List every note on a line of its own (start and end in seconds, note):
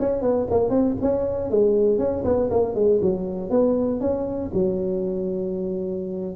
0.00 0.22 C#4
0.22 0.47 B3
0.51 0.70 A#3
0.70 0.95 C4
1.02 1.51 C#4
1.51 1.99 G#3
1.99 2.24 C#4
2.25 2.50 B3
2.51 2.75 A#3
2.75 3.00 G#3
3.02 3.51 F#3
3.51 4.01 B3
4.01 4.51 C#4
4.54 6.36 F#3